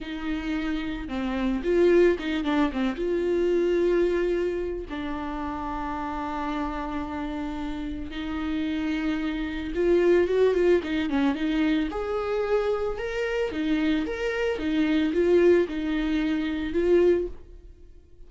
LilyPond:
\new Staff \with { instrumentName = "viola" } { \time 4/4 \tempo 4 = 111 dis'2 c'4 f'4 | dis'8 d'8 c'8 f'2~ f'8~ | f'4 d'2.~ | d'2. dis'4~ |
dis'2 f'4 fis'8 f'8 | dis'8 cis'8 dis'4 gis'2 | ais'4 dis'4 ais'4 dis'4 | f'4 dis'2 f'4 | }